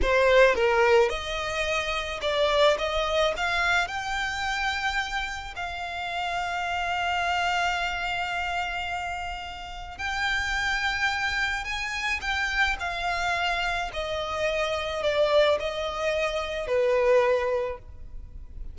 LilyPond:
\new Staff \with { instrumentName = "violin" } { \time 4/4 \tempo 4 = 108 c''4 ais'4 dis''2 | d''4 dis''4 f''4 g''4~ | g''2 f''2~ | f''1~ |
f''2 g''2~ | g''4 gis''4 g''4 f''4~ | f''4 dis''2 d''4 | dis''2 b'2 | }